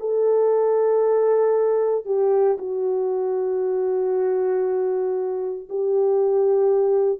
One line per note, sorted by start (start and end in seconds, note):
0.00 2.05 A4
2.05 2.57 G4
2.59 5.69 F#4
5.69 7.20 G4